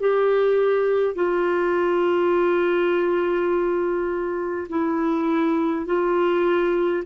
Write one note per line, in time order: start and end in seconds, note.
0.00 1.16 G4
1.16 4.68 F4
4.69 5.86 E4
5.86 7.04 F4